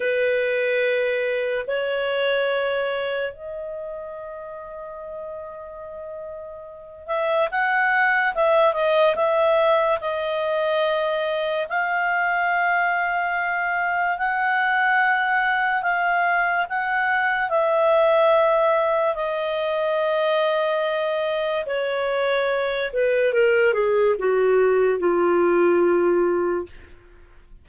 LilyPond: \new Staff \with { instrumentName = "clarinet" } { \time 4/4 \tempo 4 = 72 b'2 cis''2 | dis''1~ | dis''8 e''8 fis''4 e''8 dis''8 e''4 | dis''2 f''2~ |
f''4 fis''2 f''4 | fis''4 e''2 dis''4~ | dis''2 cis''4. b'8 | ais'8 gis'8 fis'4 f'2 | }